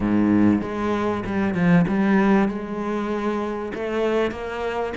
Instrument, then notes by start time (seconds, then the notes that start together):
cello
0.00 G#2
0.61 G#3
1.25 G3
1.54 F3
1.88 G3
2.48 G#3
3.73 A3
4.31 A#3